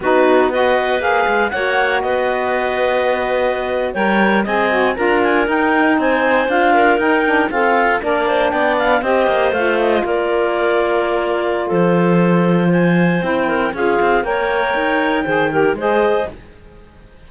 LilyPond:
<<
  \new Staff \with { instrumentName = "clarinet" } { \time 4/4 \tempo 4 = 118 b'4 dis''4 f''4 fis''4 | dis''2.~ dis''8. g''16~ | g''8. gis''4 ais''8 gis''8 g''4 gis''16~ | gis''8. f''4 g''4 f''4 d''16~ |
d''8. g''8 f''8 dis''4 f''8 dis''8 d''16~ | d''2. c''4~ | c''4 gis''4 g''4 f''4 | g''2. dis''4 | }
  \new Staff \with { instrumentName = "clarinet" } { \time 4/4 fis'4 b'2 cis''4 | b'2.~ b'8. cis''16~ | cis''8. dis''4 ais'2 c''16~ | c''4~ c''16 ais'4. a'4 ais'16~ |
ais'16 c''8 d''4 c''2 ais'16~ | ais'2. a'4~ | a'4 c''4. ais'8 gis'4 | cis''2 c''8 ais'8 c''4 | }
  \new Staff \with { instrumentName = "saxophone" } { \time 4/4 dis'4 fis'4 gis'4 fis'4~ | fis'2.~ fis'8. ais'16~ | ais'8. gis'8 fis'8 f'4 dis'4~ dis'16~ | dis'8. f'4 dis'8 d'8 c'4 d'16~ |
d'4.~ d'16 g'4 f'4~ f'16~ | f'1~ | f'2 e'4 f'4 | ais'2 gis'8 g'8 gis'4 | }
  \new Staff \with { instrumentName = "cello" } { \time 4/4 b2 ais8 gis8 ais4 | b2.~ b8. g16~ | g8. c'4 d'4 dis'4 c'16~ | c'8. d'4 dis'4 f'4 ais16~ |
ais8. b4 c'8 ais8 a4 ais16~ | ais2. f4~ | f2 c'4 cis'8 c'8 | ais4 dis'4 dis4 gis4 | }
>>